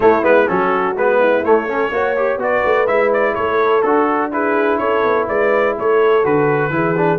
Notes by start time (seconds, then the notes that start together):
0.00 A3 E4 C#5
0.22 G#3 B3 B4
0.47 F#3 C#4 F#4 A4
0.95 G#3 B3 B4
1.18 E4
1.42 A3 C#5
1.68 C#4 A4
1.91 A#3 F#4 C#5
2.16 G4
2.37 B3 F#4 B4 D5
2.64 A3
2.87 G#3 E4 E5
3.13 D5
3.34 A3 A4 C#5
3.82 D4 F#4 A4
4.31 E4 G#4 B4
4.78 C#4 A4 C#5
5.03 B3
5.28 G#3 B4 D5
5.77 A3 A4 C#5
6.23 D3 F#4 B4
6.69 E3 E4 G#4
6.97 D4